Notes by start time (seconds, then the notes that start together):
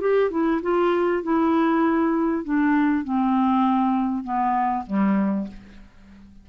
0.00 G4
0.31 E4
0.62 F4
1.23 E4
2.44 D4
3.04 C4
4.24 B3
4.87 G3